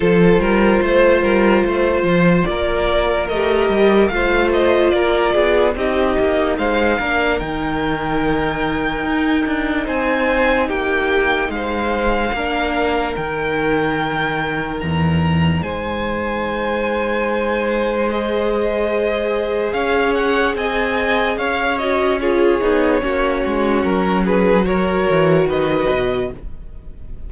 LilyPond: <<
  \new Staff \with { instrumentName = "violin" } { \time 4/4 \tempo 4 = 73 c''2. d''4 | dis''4 f''8 dis''8 d''4 dis''4 | f''4 g''2. | gis''4 g''4 f''2 |
g''2 ais''4 gis''4~ | gis''2 dis''2 | f''8 fis''8 gis''4 f''8 dis''8 cis''4~ | cis''4 ais'8 b'8 cis''4 dis''4 | }
  \new Staff \with { instrumentName = "violin" } { \time 4/4 a'8 ais'8 c''8 ais'8 c''4 ais'4~ | ais'4 c''4 ais'8 gis'8 g'4 | c''8 ais'2.~ ais'8 | c''4 g'4 c''4 ais'4~ |
ais'2. c''4~ | c''1 | cis''4 dis''4 cis''4 gis'4 | fis'4. gis'8 ais'4 b'4 | }
  \new Staff \with { instrumentName = "viola" } { \time 4/4 f'1 | g'4 f'2 dis'4~ | dis'8 d'8 dis'2.~ | dis'2. d'4 |
dis'1~ | dis'2 gis'2~ | gis'2~ gis'8 fis'8 f'8 dis'8 | cis'2 fis'2 | }
  \new Staff \with { instrumentName = "cello" } { \time 4/4 f8 g8 a8 g8 a8 f8 ais4 | a8 g8 a4 ais8 b8 c'8 ais8 | gis8 ais8 dis2 dis'8 d'8 | c'4 ais4 gis4 ais4 |
dis2 e,4 gis4~ | gis1 | cis'4 c'4 cis'4. b8 | ais8 gis8 fis4. e8 dis8 b,8 | }
>>